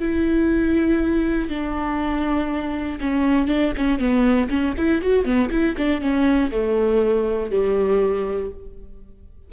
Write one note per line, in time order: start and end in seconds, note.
0.00 1.50 E4
1.50 3.00 D4
3.01 3.48 C#4
3.48 3.73 D4
3.78 4.00 C#4
4.00 4.50 B3
4.50 4.75 C#4
4.78 5.02 E4
5.02 5.25 F#4
5.25 5.50 B3
5.51 5.76 E4
5.77 6.01 D4
6.01 6.51 C#4
6.52 7.51 A3
7.51 8.51 G3